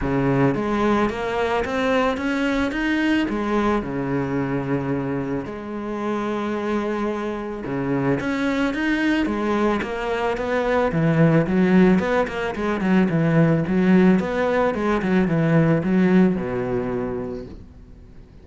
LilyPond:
\new Staff \with { instrumentName = "cello" } { \time 4/4 \tempo 4 = 110 cis4 gis4 ais4 c'4 | cis'4 dis'4 gis4 cis4~ | cis2 gis2~ | gis2 cis4 cis'4 |
dis'4 gis4 ais4 b4 | e4 fis4 b8 ais8 gis8 fis8 | e4 fis4 b4 gis8 fis8 | e4 fis4 b,2 | }